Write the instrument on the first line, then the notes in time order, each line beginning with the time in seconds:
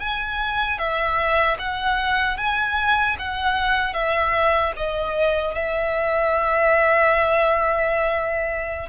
violin
0.00 G#5
0.79 E5
1.59 F#5
2.38 G#5
3.19 F#5
3.94 E5
4.77 D#5
5.56 E5